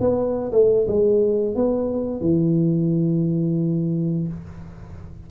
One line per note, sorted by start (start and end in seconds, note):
0.00 0.52 B3
0.52 0.87 A3
0.88 1.55 G#3
1.55 2.21 B3
2.21 4.28 E3